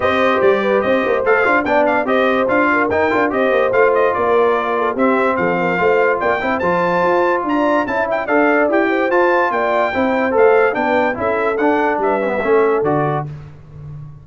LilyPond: <<
  \new Staff \with { instrumentName = "trumpet" } { \time 4/4 \tempo 4 = 145 dis''4 d''4 dis''4 f''4 | g''8 f''8 dis''4 f''4 g''4 | dis''4 f''8 dis''8 d''2 | e''4 f''2 g''4 |
a''2 ais''4 a''8 g''8 | f''4 g''4 a''4 g''4~ | g''4 f''4 g''4 e''4 | fis''4 e''2 d''4 | }
  \new Staff \with { instrumentName = "horn" } { \time 4/4 c''4. b'8 c''2 | d''4 c''4. ais'4. | c''2 ais'4. a'8 | g'4 a'8 ais'8 c''4 d''8 c''8~ |
c''2 d''4 e''4 | d''4. c''4. d''4 | c''2 b'4 a'4~ | a'4 b'4 a'2 | }
  \new Staff \with { instrumentName = "trombone" } { \time 4/4 g'2. a'8 f'8 | d'4 g'4 f'4 dis'8 f'8 | g'4 f'2. | c'2 f'4. e'8 |
f'2. e'4 | a'4 g'4 f'2 | e'4 a'4 d'4 e'4 | d'4. cis'16 b16 cis'4 fis'4 | }
  \new Staff \with { instrumentName = "tuba" } { \time 4/4 c'4 g4 c'8 ais8 a8 d'8 | b4 c'4 d'4 dis'8 d'8 | c'8 ais8 a4 ais2 | c'4 f4 a4 ais8 c'8 |
f4 f'4 d'4 cis'4 | d'4 e'4 f'4 ais4 | c'4 a4 b4 cis'4 | d'4 g4 a4 d4 | }
>>